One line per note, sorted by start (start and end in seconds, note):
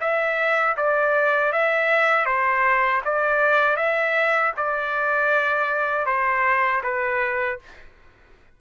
0.00 0.76 E5
0.76 1.52 D5
1.52 2.25 E5
2.25 3.01 C5
3.05 3.76 D5
3.76 4.52 E5
4.57 6.06 D5
6.06 6.81 C5
6.83 7.59 B4